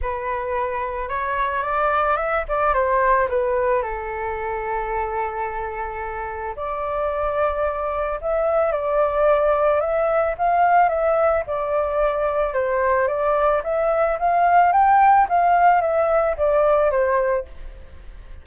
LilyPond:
\new Staff \with { instrumentName = "flute" } { \time 4/4 \tempo 4 = 110 b'2 cis''4 d''4 | e''8 d''8 c''4 b'4 a'4~ | a'1 | d''2. e''4 |
d''2 e''4 f''4 | e''4 d''2 c''4 | d''4 e''4 f''4 g''4 | f''4 e''4 d''4 c''4 | }